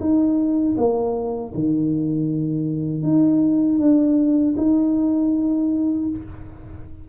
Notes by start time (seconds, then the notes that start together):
0.00 D#4
0.77 A#3
1.55 D#3
3.03 D#4
3.79 D4
4.57 D#4